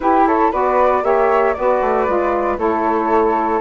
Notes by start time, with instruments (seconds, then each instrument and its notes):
0.00 saxophone E4, bassoon E4, flute G4 B4
0.26 flute A4 C#5
0.51 bassoon B3, saxophone F#4, flute B4 D5
1.02 bassoon A#3, saxophone G4, flute C#5 E5
1.53 bassoon B3, saxophone F#4, flute B4 D5
1.81 bassoon A3
2.07 bassoon G#3, saxophone F4
2.57 bassoon A3, saxophone E4, flute A4 C#5